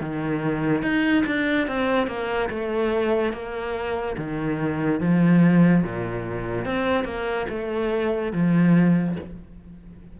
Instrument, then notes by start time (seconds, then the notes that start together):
cello
0.00 D#3
0.82 D#4
1.25 D4
1.67 C4
2.07 A#3
2.49 A3
3.33 A#3
4.17 D#3
5.00 F3
5.83 A#2
6.65 C4
7.04 A#3
7.49 A3
8.32 F3